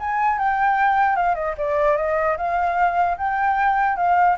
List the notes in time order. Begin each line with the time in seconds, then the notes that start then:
0.00 G#5
0.39 G5
1.16 F5
1.35 D#5
1.58 D5
1.97 D#5
2.37 F5
3.18 G5
3.97 F5